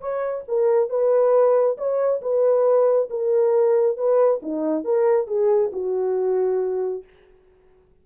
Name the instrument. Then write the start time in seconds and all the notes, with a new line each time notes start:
horn
0.00 C#5
0.48 A#4
0.89 B4
1.77 C#5
2.21 B4
3.10 A#4
3.97 B4
4.42 D#4
4.84 A#4
5.27 G#4
5.72 F#4